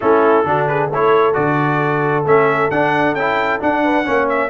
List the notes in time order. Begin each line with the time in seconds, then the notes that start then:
0.00 A3 C#4 E4 A4
0.44 D3 D4 F#4
0.67 G#4 B4
0.89 A3 E4 A4 C#5
1.33 D3 F#4 D5
2.24 A3 C#4 E5
2.70 D4 F#5
3.14 C#4 E4 G5
3.60 D4 F#5
3.83 B4
4.04 A#3 C#4 C#5
4.28 E5